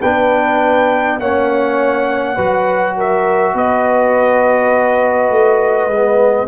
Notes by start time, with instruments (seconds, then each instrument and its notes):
0.00 tuba B3, trombone D4, horn B4, trumpet G5
1.19 tuba A#3, trombone C#4, horn C#5, trumpet F#5
2.35 tuba F#3, trombone F#4, horn B4
2.97 horn A#4, trumpet E5
3.54 tuba B3, horn B4, trumpet D#5
5.29 tuba A3
5.87 tuba G#3, trombone B3